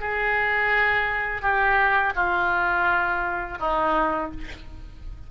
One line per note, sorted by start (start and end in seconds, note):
0.00 1.41 G#4
1.41 2.13 G4
2.15 3.58 F4
3.59 4.31 D#4